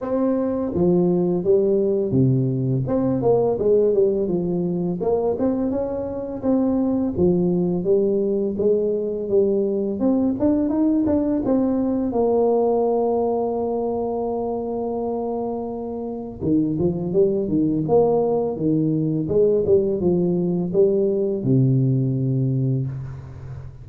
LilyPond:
\new Staff \with { instrumentName = "tuba" } { \time 4/4 \tempo 4 = 84 c'4 f4 g4 c4 | c'8 ais8 gis8 g8 f4 ais8 c'8 | cis'4 c'4 f4 g4 | gis4 g4 c'8 d'8 dis'8 d'8 |
c'4 ais2.~ | ais2. dis8 f8 | g8 dis8 ais4 dis4 gis8 g8 | f4 g4 c2 | }